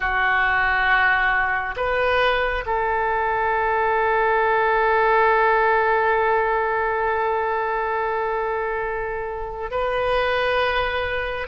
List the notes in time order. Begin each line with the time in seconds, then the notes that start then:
0.00 F#4
1.76 B4
2.66 A4
9.71 B4